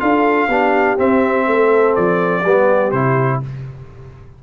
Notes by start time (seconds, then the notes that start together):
0.00 D4 F4 A4 F5
0.49 B3 D4 G4
0.98 C4 E5
1.47 A3 A4
1.96 F3 D5
2.43 G3 B3 G4
2.91 C3 E4 C5